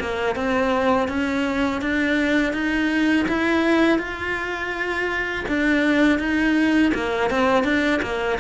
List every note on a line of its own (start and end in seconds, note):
0.00 0.35 A#3
0.35 1.08 C4
1.08 1.81 C#4
1.81 2.53 D4
2.53 3.26 D#4
3.28 3.99 E4
3.99 5.45 F4
5.48 6.19 D4
6.19 6.92 D#4
6.94 7.30 A#3
7.30 7.64 C4
7.64 8.00 D4
8.02 8.38 A#3